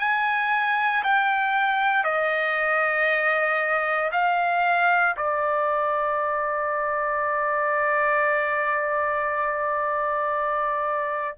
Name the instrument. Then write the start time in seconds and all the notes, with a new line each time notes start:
trumpet
0.00 G#5
1.04 G5
2.05 D#5
4.12 F5
5.17 D5